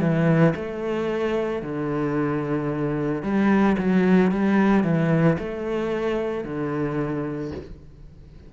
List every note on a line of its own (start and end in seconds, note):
0.00 0.54 E3
0.56 1.62 A3
1.62 3.23 D3
3.23 3.76 G3
3.78 4.31 F#3
4.31 4.84 G3
4.84 5.37 E3
5.39 6.44 A3
6.44 7.51 D3